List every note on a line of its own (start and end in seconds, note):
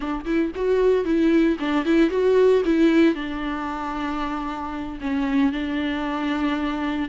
0.00 0.24 D4
0.25 0.51 E4
0.55 1.04 F#4
1.04 1.57 E4
1.59 1.85 D4
1.85 2.10 E4
2.10 2.62 F#4
2.65 3.14 E4
3.14 4.99 D4
5.00 5.52 C#4
5.52 7.09 D4